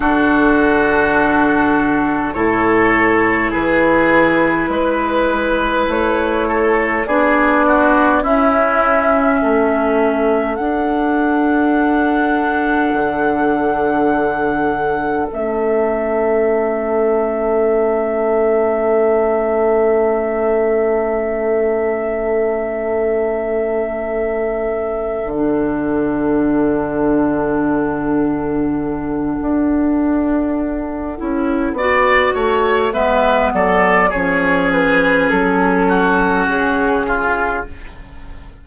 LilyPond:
<<
  \new Staff \with { instrumentName = "flute" } { \time 4/4 \tempo 4 = 51 a'2 cis''4 b'4~ | b'4 cis''4 d''4 e''4~ | e''4 fis''2.~ | fis''4 e''2.~ |
e''1~ | e''4. fis''2~ fis''8~ | fis''1 | e''8 d''8 cis''8 b'8 a'4 gis'4 | }
  \new Staff \with { instrumentName = "oboe" } { \time 4/4 fis'2 a'4 gis'4 | b'4. a'8 gis'8 fis'8 e'4 | a'1~ | a'1~ |
a'1~ | a'1~ | a'2. d''8 cis''8 | b'8 a'8 gis'4. fis'4 f'8 | }
  \new Staff \with { instrumentName = "clarinet" } { \time 4/4 d'2 e'2~ | e'2 d'4 cis'4~ | cis'4 d'2.~ | d'4 cis'2.~ |
cis'1~ | cis'4. d'2~ d'8~ | d'2~ d'8 e'8 fis'4 | b4 cis'2. | }
  \new Staff \with { instrumentName = "bassoon" } { \time 4/4 d2 a,4 e4 | gis4 a4 b4 cis'4 | a4 d'2 d4~ | d4 a2.~ |
a1~ | a4. d2~ d8~ | d4 d'4. cis'8 b8 a8 | gis8 fis8 f4 fis4 cis4 | }
>>